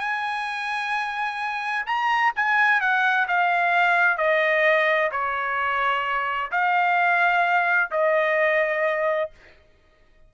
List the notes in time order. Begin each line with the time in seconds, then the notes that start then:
0.00 G#5
1.86 A#5
2.36 G#5
2.81 F#5
3.28 F5
4.18 D#5
5.12 C#5
6.51 F5
7.91 D#5